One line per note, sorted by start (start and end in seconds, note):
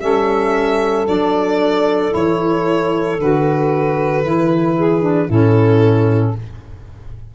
0.00 1.07 G3
0.00 1.06 C#4
0.00 4.77 A4
0.00 1.05 E5
1.06 2.14 F#3
1.06 2.11 D4
1.06 2.13 D5
2.11 3.19 E3
2.11 3.16 E4
2.11 3.20 C#5
3.19 4.23 D3
3.19 4.23 F#4
3.19 5.30 B4
4.23 5.29 E3
4.23 5.02 E4
4.77 5.27 G#4
5.02 5.28 D4
5.27 6.35 A2
5.27 6.35 C#4
5.27 6.32 E4
5.27 6.36 A4